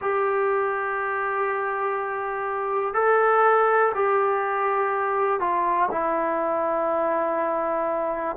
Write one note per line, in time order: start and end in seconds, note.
0.01 2.93 G4
2.93 3.92 A4
3.94 5.40 G4
5.40 5.89 F4
5.91 8.36 E4